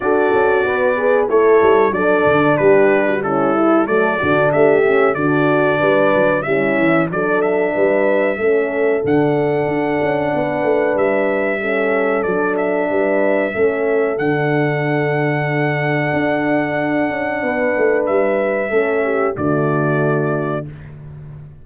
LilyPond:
<<
  \new Staff \with { instrumentName = "trumpet" } { \time 4/4 \tempo 4 = 93 d''2 cis''4 d''4 | b'4 a'4 d''4 e''4 | d''2 e''4 d''8 e''8~ | e''2 fis''2~ |
fis''4 e''2 d''8 e''8~ | e''2 fis''2~ | fis''1 | e''2 d''2 | }
  \new Staff \with { instrumentName = "horn" } { \time 4/4 a'4 b'4 e'4 a'4 | g'8. fis'16 e'4 a'8 fis'8 g'4 | fis'4 b'4 e'4 a'4 | b'4 a'2. |
b'2 a'2 | b'4 a'2.~ | a'2. b'4~ | b'4 a'8 g'8 fis'2 | }
  \new Staff \with { instrumentName = "horn" } { \time 4/4 fis'4. gis'8 a'4 d'4~ | d'4 cis'8 e'8 a8 d'4 cis'8 | d'2 cis'4 d'4~ | d'4 cis'4 d'2~ |
d'2 cis'4 d'4~ | d'4 cis'4 d'2~ | d'1~ | d'4 cis'4 a2 | }
  \new Staff \with { instrumentName = "tuba" } { \time 4/4 d'8 cis'8 b4 a8 g8 fis8 d8 | g2 fis8 d8 a4 | d4 g8 fis8 g8 e8 fis4 | g4 a4 d4 d'8 cis'8 |
b8 a8 g2 fis4 | g4 a4 d2~ | d4 d'4. cis'8 b8 a8 | g4 a4 d2 | }
>>